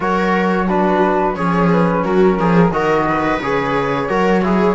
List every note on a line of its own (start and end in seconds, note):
0.00 1.36 F#3
0.00 0.68 F#4
0.00 0.66 A#4
0.00 0.68 C#5
0.66 1.34 D4
0.66 1.34 F#4
0.66 1.35 B4
1.34 2.04 F3
1.34 2.70 C#4
1.34 2.03 G#4
1.34 1.69 C#5
1.71 2.04 B4
2.03 2.39 F#3
2.03 2.37 F#4
2.03 2.71 A#4
2.39 2.70 F3
2.39 2.73 G#4
2.70 3.38 D#3
2.70 3.40 F#4
2.70 3.08 A#4
2.70 3.39 D#5
3.09 4.09 B4
3.41 4.09 C#3
3.41 4.09 G#4
3.41 4.74 C#5
4.09 4.74 F#3
4.09 4.43 F#4
4.09 4.43 A#4
4.43 4.74 E4
4.43 4.74 G#4